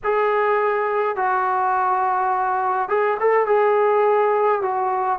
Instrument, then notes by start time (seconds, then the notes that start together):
trombone
0.03 G#4
1.15 F#4
2.88 G#4
3.20 A4
3.46 G#4
4.61 F#4